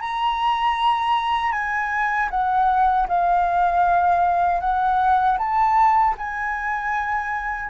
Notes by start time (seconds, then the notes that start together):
0.00 A#5
1.51 G#5
2.30 F#5
3.08 F5
4.60 F#5
5.38 A5
6.17 G#5